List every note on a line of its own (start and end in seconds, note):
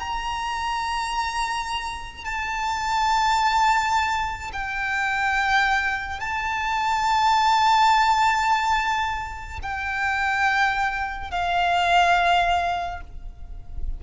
0.00 2.25 A#5
2.25 4.52 A5
4.53 6.21 G5
6.21 9.60 A5
9.63 11.32 G5
11.32 13.01 F5